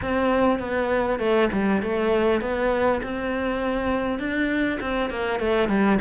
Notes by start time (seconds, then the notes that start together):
0.01 C4
0.59 B3
1.19 A3
1.52 G3
1.82 A3
2.41 B3
3.02 C4
4.19 D4
4.80 C4
5.10 A#3
5.39 A3
5.68 G3